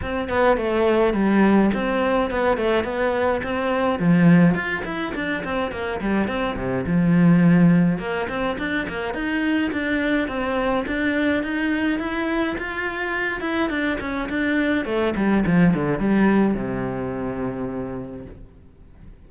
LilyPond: \new Staff \with { instrumentName = "cello" } { \time 4/4 \tempo 4 = 105 c'8 b8 a4 g4 c'4 | b8 a8 b4 c'4 f4 | f'8 e'8 d'8 c'8 ais8 g8 c'8 c8 | f2 ais8 c'8 d'8 ais8 |
dis'4 d'4 c'4 d'4 | dis'4 e'4 f'4. e'8 | d'8 cis'8 d'4 a8 g8 f8 d8 | g4 c2. | }